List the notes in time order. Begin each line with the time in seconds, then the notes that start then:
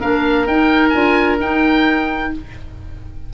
0.00 A#3 D4 A#4 F5
0.47 D#4 G5
0.89 D4 F4 G#5
1.38 D#4 G5